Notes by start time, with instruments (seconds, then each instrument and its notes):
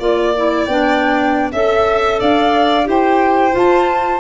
0.00 tuba A#3, clarinet F4, violin D5, flute D5
0.36 clarinet E4
0.66 tuba B3, clarinet D4, flute G5
1.53 tuba C#4, clarinet A4, flute E5, violin E5
2.20 tuba D4, violin D5, flute F5
2.85 tuba E4, clarinet G4, violin C5, flute G5
3.52 clarinet F4, tuba F4, flute A5